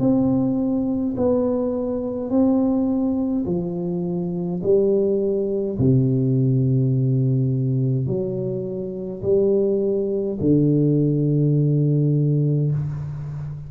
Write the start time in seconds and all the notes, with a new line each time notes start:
0.00 C4
1.17 B3
2.31 C4
3.46 F3
4.63 G3
5.79 C3
8.07 F#3
9.23 G3
10.41 D3